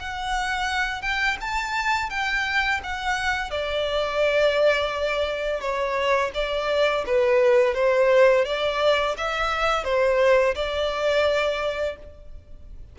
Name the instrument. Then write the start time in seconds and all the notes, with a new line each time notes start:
violin
0.00 F#5
1.02 G5
1.41 A5
2.10 G5
2.84 F#5
3.51 D5
5.61 C#5
6.35 D5
7.07 B4
7.75 C5
8.45 D5
9.18 E5
9.85 C5
10.55 D5